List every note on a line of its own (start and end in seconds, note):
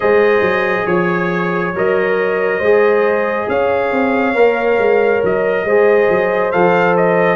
0.00 0.41 G#3
0.00 1.74 G#4
0.00 0.86 C5
0.00 0.86 D#5
0.41 0.84 F#3
0.86 1.74 F3
0.86 2.59 C#5
0.86 1.73 C#5
1.74 2.60 F#3
1.74 2.62 A#4
1.74 3.49 D#5
2.59 3.47 G#3
2.59 4.34 G#4
2.59 3.45 C5
3.48 3.91 C#4
3.48 5.66 C#5
3.48 5.23 F5
3.91 4.34 C4
4.34 4.78 A#3
4.34 5.65 A#4
4.78 5.21 G#3
5.23 5.64 F#3
5.23 6.51 D#5
5.64 6.08 G#3
5.64 6.52 G#4
5.64 7.36 C5
6.09 6.53 F#3
6.51 7.36 F3
6.51 7.36 A4
6.51 6.95 F5
6.96 7.36 D#5